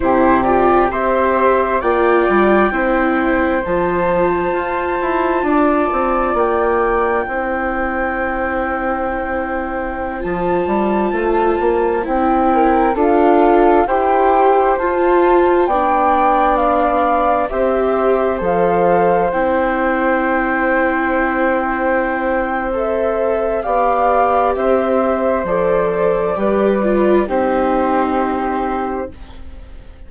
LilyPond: <<
  \new Staff \with { instrumentName = "flute" } { \time 4/4 \tempo 4 = 66 c''8 d''8 e''4 g''2 | a''2. g''4~ | g''2.~ g''16 a''8.~ | a''4~ a''16 g''4 f''4 g''8.~ |
g''16 a''4 g''4 f''4 e''8.~ | e''16 f''4 g''2~ g''8.~ | g''4 e''4 f''4 e''4 | d''2 c''2 | }
  \new Staff \with { instrumentName = "flute" } { \time 4/4 g'4 c''4 d''4 c''4~ | c''2 d''2 | c''1~ | c''4.~ c''16 ais'8 a'4 c''8.~ |
c''4~ c''16 d''2 c''8.~ | c''1~ | c''2 d''4 c''4~ | c''4 b'4 g'2 | }
  \new Staff \with { instrumentName = "viola" } { \time 4/4 e'8 f'8 g'4 f'4 e'4 | f'1 | e'2.~ e'16 f'8.~ | f'4~ f'16 e'4 f'4 g'8.~ |
g'16 f'4 d'2 g'8.~ | g'16 a'4 e'2~ e'8.~ | e'4 a'4 g'2 | a'4 g'8 f'8 dis'2 | }
  \new Staff \with { instrumentName = "bassoon" } { \time 4/4 c4 c'4 ais8 g8 c'4 | f4 f'8 e'8 d'8 c'8 ais4 | c'2.~ c'16 f8 g16~ | g16 a8 ais8 c'4 d'4 e'8.~ |
e'16 f'4 b2 c'8.~ | c'16 f4 c'2~ c'8.~ | c'2 b4 c'4 | f4 g4 c'2 | }
>>